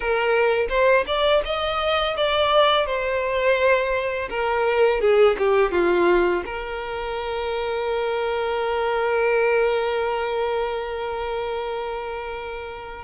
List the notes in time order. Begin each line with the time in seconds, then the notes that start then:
0.00 A#4
0.69 C5
1.06 D5
1.45 D#5
2.17 D5
2.85 C5
4.29 A#4
5.00 G#4
5.38 G4
5.71 F4
6.45 A#4